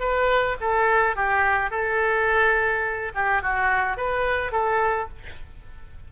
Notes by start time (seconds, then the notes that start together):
0.00 B4
0.60 A4
1.16 G4
1.71 A4
3.14 G4
3.42 F#4
3.97 B4
4.52 A4